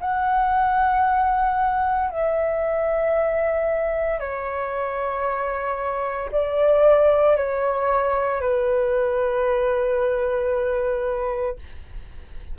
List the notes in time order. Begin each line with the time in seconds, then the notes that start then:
0.00 F#5
2.10 E5
4.19 C#5
6.31 D5
7.36 C#5
8.41 B4